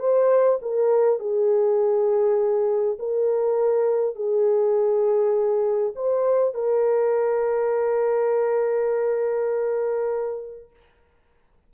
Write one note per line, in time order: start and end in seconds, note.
0.00 0.59 C5
0.63 1.20 A#4
1.20 2.98 G#4
2.99 4.16 A#4
4.16 5.94 G#4
5.96 6.55 C5
6.55 10.71 A#4